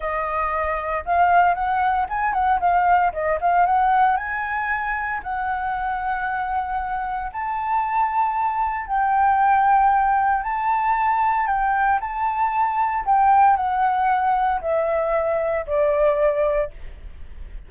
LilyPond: \new Staff \with { instrumentName = "flute" } { \time 4/4 \tempo 4 = 115 dis''2 f''4 fis''4 | gis''8 fis''8 f''4 dis''8 f''8 fis''4 | gis''2 fis''2~ | fis''2 a''2~ |
a''4 g''2. | a''2 g''4 a''4~ | a''4 g''4 fis''2 | e''2 d''2 | }